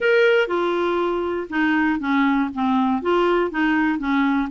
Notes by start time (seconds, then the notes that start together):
0.00 A#4
0.47 F4
1.49 D#4
1.99 C#4
2.54 C4
3.02 F4
3.50 D#4
3.99 C#4